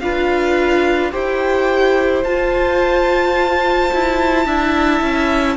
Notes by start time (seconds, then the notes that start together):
0.00 D4 F4 B4 F5
1.12 E4 G4 C5 G5
2.24 F4 A5
3.94 E4
4.46 D4 E4 E5
5.02 C#4